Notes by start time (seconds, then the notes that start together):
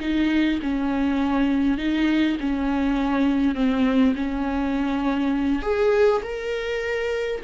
0.00 D#4
0.62 C#4
1.77 D#4
2.40 C#4
3.55 C4
4.15 C#4
5.62 G#4
6.22 A#4